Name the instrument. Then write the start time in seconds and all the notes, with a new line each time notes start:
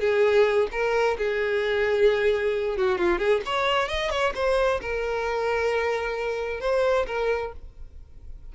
violin
0.00 G#4
0.72 A#4
1.18 G#4
2.77 F#4
2.98 F4
3.18 G#4
3.45 C#5
3.88 D#5
4.10 C#5
4.35 C5
4.81 A#4
6.61 C5
7.07 A#4